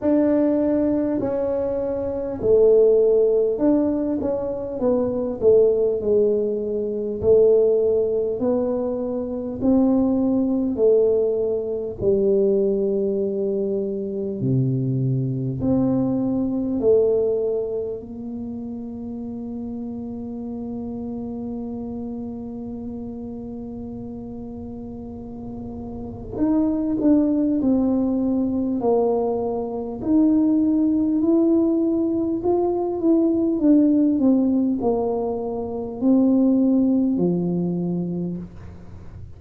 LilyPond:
\new Staff \with { instrumentName = "tuba" } { \time 4/4 \tempo 4 = 50 d'4 cis'4 a4 d'8 cis'8 | b8 a8 gis4 a4 b4 | c'4 a4 g2 | c4 c'4 a4 ais4~ |
ais1~ | ais2 dis'8 d'8 c'4 | ais4 dis'4 e'4 f'8 e'8 | d'8 c'8 ais4 c'4 f4 | }